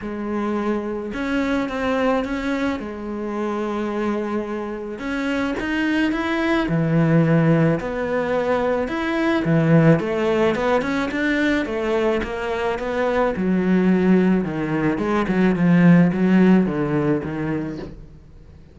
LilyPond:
\new Staff \with { instrumentName = "cello" } { \time 4/4 \tempo 4 = 108 gis2 cis'4 c'4 | cis'4 gis2.~ | gis4 cis'4 dis'4 e'4 | e2 b2 |
e'4 e4 a4 b8 cis'8 | d'4 a4 ais4 b4 | fis2 dis4 gis8 fis8 | f4 fis4 d4 dis4 | }